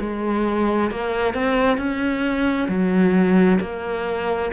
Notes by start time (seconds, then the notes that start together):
0.00 G#3
0.90 A#3
1.34 C4
1.78 C#4
2.69 F#3
3.60 A#3